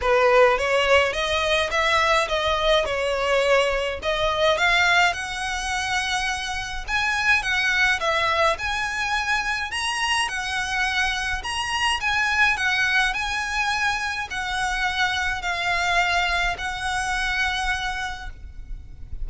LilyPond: \new Staff \with { instrumentName = "violin" } { \time 4/4 \tempo 4 = 105 b'4 cis''4 dis''4 e''4 | dis''4 cis''2 dis''4 | f''4 fis''2. | gis''4 fis''4 e''4 gis''4~ |
gis''4 ais''4 fis''2 | ais''4 gis''4 fis''4 gis''4~ | gis''4 fis''2 f''4~ | f''4 fis''2. | }